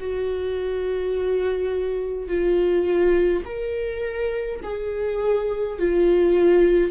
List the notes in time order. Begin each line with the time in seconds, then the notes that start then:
0.00 F#4
2.28 F4
3.45 A#4
4.63 G#4
5.78 F4